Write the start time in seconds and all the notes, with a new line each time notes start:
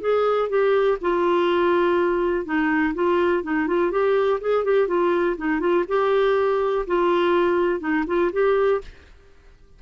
0.00 G#4
0.49 G4
1.01 F4
2.45 D#4
2.94 F4
3.43 D#4
3.67 F4
3.91 G4
4.41 G#4
4.64 G4
4.88 F4
5.37 D#4
5.60 F4
5.88 G4
6.86 F4
7.80 D#4
8.07 F4
8.32 G4